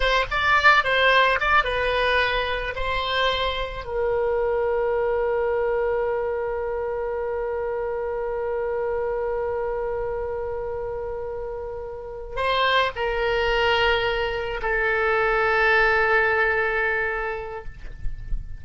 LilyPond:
\new Staff \with { instrumentName = "oboe" } { \time 4/4 \tempo 4 = 109 c''8 d''4 c''4 d''8 b'4~ | b'4 c''2 ais'4~ | ais'1~ | ais'1~ |
ais'1~ | ais'2~ ais'8 c''4 ais'8~ | ais'2~ ais'8 a'4.~ | a'1 | }